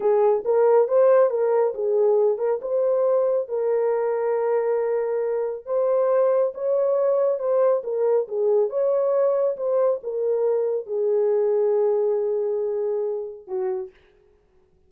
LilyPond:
\new Staff \with { instrumentName = "horn" } { \time 4/4 \tempo 4 = 138 gis'4 ais'4 c''4 ais'4 | gis'4. ais'8 c''2 | ais'1~ | ais'4 c''2 cis''4~ |
cis''4 c''4 ais'4 gis'4 | cis''2 c''4 ais'4~ | ais'4 gis'2.~ | gis'2. fis'4 | }